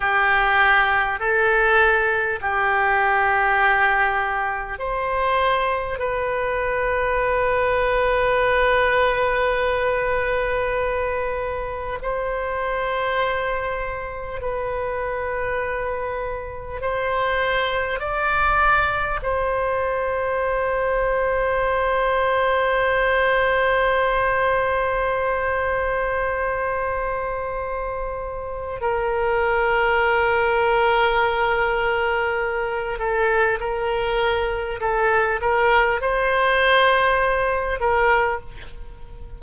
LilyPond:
\new Staff \with { instrumentName = "oboe" } { \time 4/4 \tempo 4 = 50 g'4 a'4 g'2 | c''4 b'2.~ | b'2 c''2 | b'2 c''4 d''4 |
c''1~ | c''1 | ais'2.~ ais'8 a'8 | ais'4 a'8 ais'8 c''4. ais'8 | }